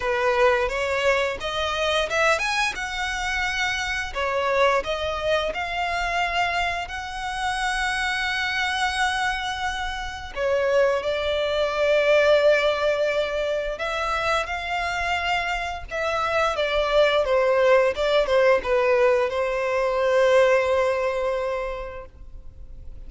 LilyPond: \new Staff \with { instrumentName = "violin" } { \time 4/4 \tempo 4 = 87 b'4 cis''4 dis''4 e''8 gis''8 | fis''2 cis''4 dis''4 | f''2 fis''2~ | fis''2. cis''4 |
d''1 | e''4 f''2 e''4 | d''4 c''4 d''8 c''8 b'4 | c''1 | }